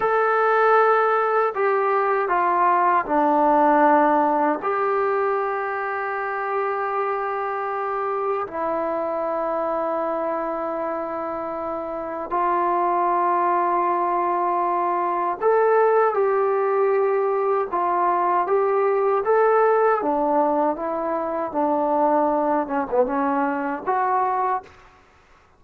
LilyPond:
\new Staff \with { instrumentName = "trombone" } { \time 4/4 \tempo 4 = 78 a'2 g'4 f'4 | d'2 g'2~ | g'2. e'4~ | e'1 |
f'1 | a'4 g'2 f'4 | g'4 a'4 d'4 e'4 | d'4. cis'16 b16 cis'4 fis'4 | }